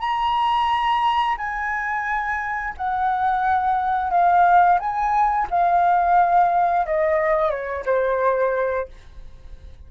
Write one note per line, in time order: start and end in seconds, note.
0.00 1.36 A#5
1.38 2.74 G#5
2.77 4.11 F#5
4.11 4.79 F5
4.79 5.48 G#5
5.51 6.86 F5
6.86 7.50 D#5
7.50 7.84 C#5
7.86 8.88 C5